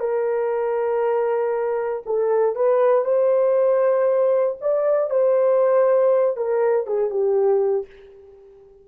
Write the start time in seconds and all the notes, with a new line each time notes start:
0.00 A#4
2.06 A4
2.56 B4
3.05 C5
4.62 D5
5.10 C5
6.37 A#4
6.87 G#4
7.10 G4